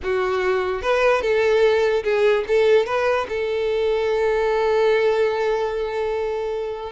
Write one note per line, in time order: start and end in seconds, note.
0.03 0.81 F#4
0.81 1.21 B4
1.21 2.03 A4
2.03 2.44 G#4
2.47 2.86 A4
2.86 3.27 B4
3.28 6.92 A4